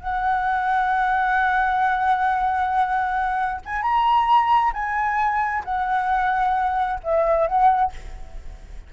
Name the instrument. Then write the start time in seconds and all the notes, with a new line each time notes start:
flute
0.00 F#5
3.65 G#5
3.82 A#5
4.73 G#5
5.64 F#5
7.03 E5
7.47 F#5